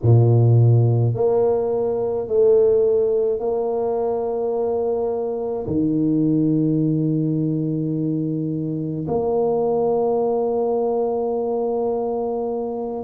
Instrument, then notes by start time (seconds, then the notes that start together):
tuba
0.02 A#2
1.14 A#3
2.27 A3
3.39 A#3
5.66 D#3
9.07 A#3